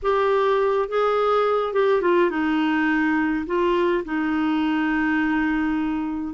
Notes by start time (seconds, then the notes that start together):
0.02 G4
0.88 G#4
1.73 G4
2.01 F4
2.30 D#4
3.46 F4
4.05 D#4